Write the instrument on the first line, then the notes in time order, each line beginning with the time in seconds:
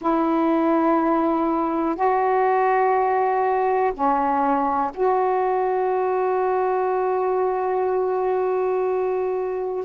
saxophone
0.01 E4
1.95 F#4
3.93 C#4
4.94 F#4